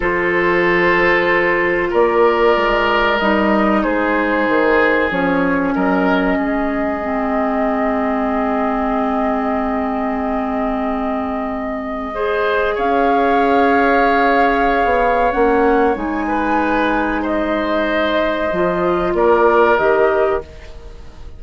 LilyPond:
<<
  \new Staff \with { instrumentName = "flute" } { \time 4/4 \tempo 4 = 94 c''2. d''4~ | d''4 dis''4 c''2 | cis''4 dis''2.~ | dis''1~ |
dis''1 | f''1 | fis''4 gis''2 dis''4~ | dis''2 d''4 dis''4 | }
  \new Staff \with { instrumentName = "oboe" } { \time 4/4 a'2. ais'4~ | ais'2 gis'2~ | gis'4 ais'4 gis'2~ | gis'1~ |
gis'2. c''4 | cis''1~ | cis''4. b'4. c''4~ | c''2 ais'2 | }
  \new Staff \with { instrumentName = "clarinet" } { \time 4/4 f'1~ | f'4 dis'2. | cis'2. c'4~ | c'1~ |
c'2. gis'4~ | gis'1 | cis'4 dis'2.~ | dis'4 f'2 g'4 | }
  \new Staff \with { instrumentName = "bassoon" } { \time 4/4 f2. ais4 | gis4 g4 gis4 dis4 | f4 fis4 gis2~ | gis1~ |
gis1 | cis'2.~ cis'16 b8. | ais4 gis2.~ | gis4 f4 ais4 dis4 | }
>>